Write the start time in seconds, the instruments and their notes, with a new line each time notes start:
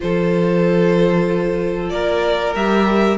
0.00 cello F3, viola F4, violin A4 C5
1.89 cello A#3, violin A#4 D5
2.54 cello G3, viola G4, violin E5